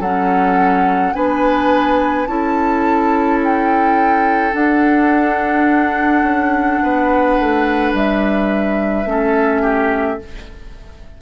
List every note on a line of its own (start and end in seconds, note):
0.00 1.13 F#3
0.00 1.14 C#4
0.00 1.13 A4
0.00 1.14 F#5
1.14 2.27 B3
1.14 2.27 D4
1.14 2.28 B4
1.14 2.26 G#5
2.26 4.54 C#4
2.26 4.52 E4
2.26 6.83 A4
2.26 3.39 A5
3.44 4.54 G5
4.52 9.05 D4
4.52 6.23 D4
4.52 7.94 F#5
6.23 6.79 C#4
6.83 7.39 B3
6.83 9.09 B4
7.39 7.93 A3
7.93 9.05 G3
7.93 10.21 E5
9.05 10.18 A3
9.05 10.19 C#4
9.05 9.62 A4
9.62 10.18 G4